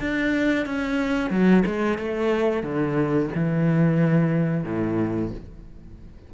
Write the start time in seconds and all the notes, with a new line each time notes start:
0.00 D4
0.66 C#4
1.30 F#3
1.66 G#3
1.98 A3
2.63 D3
3.35 E3
4.65 A2